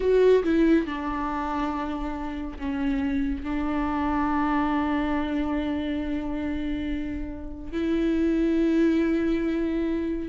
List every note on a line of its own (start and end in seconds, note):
0.00 0.43 F#4
0.43 0.86 E4
0.86 2.57 D4
2.58 3.43 C#4
3.43 7.71 D4
7.71 10.29 E4